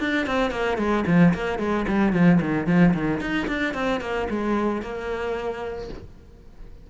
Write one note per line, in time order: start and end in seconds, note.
0.00 0.27 D4
0.27 0.51 C4
0.51 0.78 A#3
0.78 1.04 G#3
1.07 1.34 F3
1.34 1.59 A#3
1.59 1.86 G#3
1.88 2.13 G3
2.13 2.40 F3
2.41 2.67 D#3
2.67 2.94 F3
2.94 3.21 D#3
3.21 3.48 D#4
3.48 3.75 D4
3.75 4.01 C4
4.01 4.28 A#3
4.30 4.82 G#3
4.82 5.89 A#3